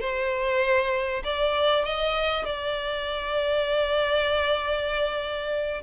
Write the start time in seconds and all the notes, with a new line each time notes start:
0.00 C5
1.24 D5
1.85 D#5
2.45 D5